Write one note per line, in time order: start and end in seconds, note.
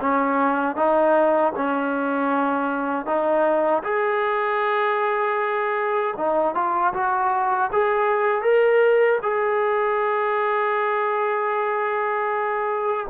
0.00 0.76 C#4
0.76 1.53 D#4
1.56 3.06 C#4
3.06 3.83 D#4
3.83 6.14 G#4
6.17 6.55 D#4
6.55 6.93 F4
6.93 7.70 F#4
7.72 8.42 G#4
8.42 9.19 A#4
9.22 13.07 G#4